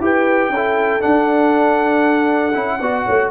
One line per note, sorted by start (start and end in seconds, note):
0.00 0.49 E4
0.00 0.52 G4
0.00 0.52 B4
0.00 1.02 G5
0.49 1.00 C#4
0.49 2.79 A4
0.56 1.00 E4
1.00 2.53 D4
1.00 2.56 D4
1.00 3.30 F#5
2.54 2.81 C#4
2.54 2.80 E4
2.79 3.06 B3
2.79 3.31 F#4
2.79 3.04 D5
3.05 3.31 A3
3.05 3.30 C#5